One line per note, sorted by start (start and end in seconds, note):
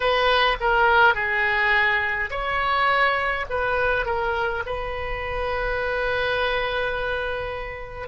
0.00 0.56 B4
0.60 1.14 A#4
1.14 2.30 G#4
2.30 3.45 C#5
3.49 4.05 B4
4.05 4.63 A#4
4.66 8.08 B4